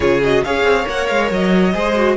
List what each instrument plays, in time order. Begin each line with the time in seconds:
0.00 cello C#3, viola F4, violin G#4 C#5
0.23 viola F#4, violin D#5
0.44 cello C#4, viola G#4, violin C#5 F5
0.63 cello C4
0.84 cello A#3, viola A#4, violin F#5
1.06 cello G#3, violin F5
1.30 cello F#3, violin D#5
1.73 cello G#3, viola G#4, violin C5
1.96 viola F#4